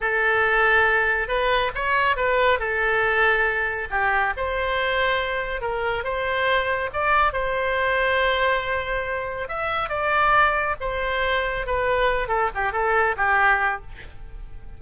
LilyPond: \new Staff \with { instrumentName = "oboe" } { \time 4/4 \tempo 4 = 139 a'2. b'4 | cis''4 b'4 a'2~ | a'4 g'4 c''2~ | c''4 ais'4 c''2 |
d''4 c''2.~ | c''2 e''4 d''4~ | d''4 c''2 b'4~ | b'8 a'8 g'8 a'4 g'4. | }